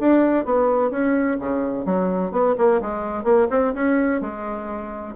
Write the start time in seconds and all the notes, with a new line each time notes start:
0.00 D4
0.45 B3
0.91 C#4
1.40 C#3
1.86 F#3
2.32 B3
2.58 A#3
2.82 G#3
3.24 A#3
3.51 C4
3.75 C#4
4.21 G#3